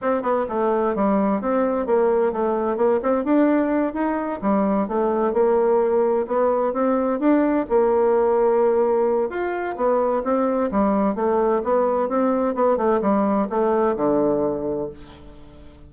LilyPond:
\new Staff \with { instrumentName = "bassoon" } { \time 4/4 \tempo 4 = 129 c'8 b8 a4 g4 c'4 | ais4 a4 ais8 c'8 d'4~ | d'8 dis'4 g4 a4 ais8~ | ais4. b4 c'4 d'8~ |
d'8 ais2.~ ais8 | f'4 b4 c'4 g4 | a4 b4 c'4 b8 a8 | g4 a4 d2 | }